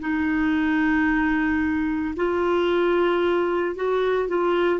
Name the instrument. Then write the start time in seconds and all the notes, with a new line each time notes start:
clarinet
0.00 D#4
2.16 F4
3.75 F#4
4.28 F4